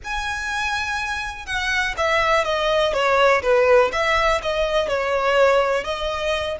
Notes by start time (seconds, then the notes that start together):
0.04 G#5
1.45 F#5
1.97 E5
2.44 D#5
2.93 C#5
3.42 B4
3.92 E5
4.42 D#5
4.88 C#5
5.84 D#5